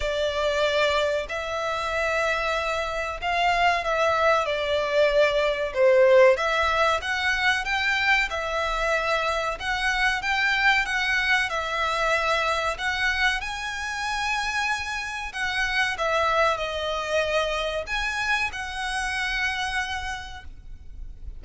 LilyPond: \new Staff \with { instrumentName = "violin" } { \time 4/4 \tempo 4 = 94 d''2 e''2~ | e''4 f''4 e''4 d''4~ | d''4 c''4 e''4 fis''4 | g''4 e''2 fis''4 |
g''4 fis''4 e''2 | fis''4 gis''2. | fis''4 e''4 dis''2 | gis''4 fis''2. | }